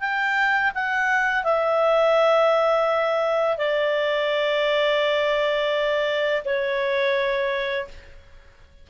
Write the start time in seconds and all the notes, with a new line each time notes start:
0.00 G5
0.75 F#5
1.44 E5
3.57 D5
6.45 C#5